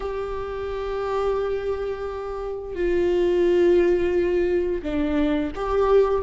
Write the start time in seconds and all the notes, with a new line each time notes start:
0.00 G4
2.75 F4
4.82 D4
5.55 G4